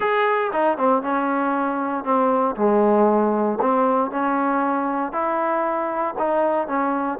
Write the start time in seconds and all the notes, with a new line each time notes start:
0.00 G#4
0.52 D#4
0.77 C4
1.02 C#4
2.04 C4
2.56 G#3
3.61 C4
4.10 C#4
5.12 E4
6.18 D#4
6.67 C#4